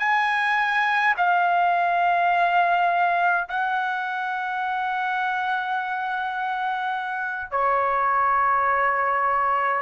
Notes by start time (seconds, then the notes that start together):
0.00 G#5
1.17 F5
3.49 F#5
7.52 C#5